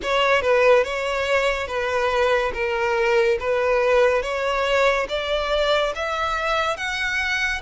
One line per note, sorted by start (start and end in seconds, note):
0.02 0.41 C#5
0.41 0.83 B4
0.83 1.67 C#5
1.67 2.51 B4
2.53 3.38 A#4
3.39 4.22 B4
4.22 5.06 C#5
5.09 5.93 D5
5.95 6.76 E5
6.76 7.61 F#5